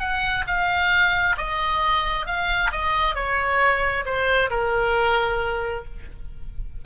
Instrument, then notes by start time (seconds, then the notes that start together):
oboe
0.00 F#5
0.47 F5
1.38 D#5
2.26 F5
2.72 D#5
3.15 C#5
4.05 C5
4.51 A#4